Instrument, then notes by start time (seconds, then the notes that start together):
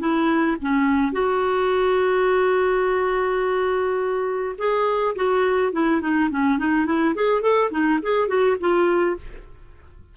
clarinet
0.00 E4
0.62 C#4
1.13 F#4
4.58 G#4
5.16 F#4
5.73 E4
6.02 D#4
6.31 C#4
6.59 D#4
6.86 E4
7.15 G#4
7.42 A4
7.71 D#4
8.03 G#4
8.28 F#4
8.60 F4